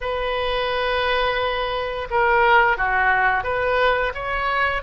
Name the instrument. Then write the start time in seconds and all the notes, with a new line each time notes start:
oboe
0.01 B4
2.10 A#4
2.77 F#4
3.43 B4
4.14 C#5